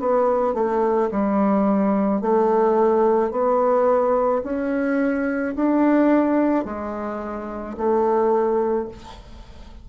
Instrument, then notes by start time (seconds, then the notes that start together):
bassoon
0.00 B3
0.55 A3
1.12 G3
2.22 A3
3.31 B3
4.44 C#4
5.56 D4
6.65 G#3
7.78 A3